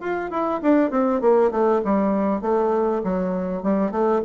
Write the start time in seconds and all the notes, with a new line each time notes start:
0.00 F4
0.30 E4
0.62 D4
0.90 C4
1.21 A#3
1.51 A3
1.84 G3
2.41 A3
3.03 F#3
3.63 G3
3.91 A3